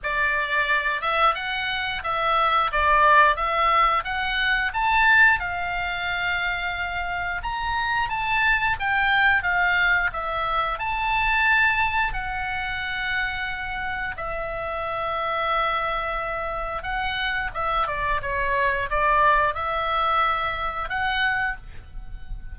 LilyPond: \new Staff \with { instrumentName = "oboe" } { \time 4/4 \tempo 4 = 89 d''4. e''8 fis''4 e''4 | d''4 e''4 fis''4 a''4 | f''2. ais''4 | a''4 g''4 f''4 e''4 |
a''2 fis''2~ | fis''4 e''2.~ | e''4 fis''4 e''8 d''8 cis''4 | d''4 e''2 fis''4 | }